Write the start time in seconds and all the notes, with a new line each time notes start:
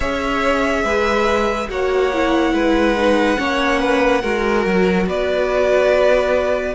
0.00 C#4 G#4 C#5 E5
0.83 G#3 B4
1.69 A#3 F#4 C#5 F#5
2.13 E4
2.52 G#3 B4
2.97 D#4
3.37 A#3 C#4 C#5
3.79 B4
4.21 G#3 F#4 A#4
4.65 F#3
5.06 B3 B4 D5